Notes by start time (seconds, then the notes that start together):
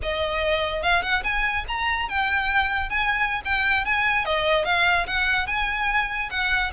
0.02 D#5
0.82 F5
1.02 F#5
1.23 G#5
1.68 A#5
2.08 G5
2.89 G#5
3.44 G5
3.85 G#5
4.25 D#5
4.65 F5
5.07 F#5
5.46 G#5
6.30 F#5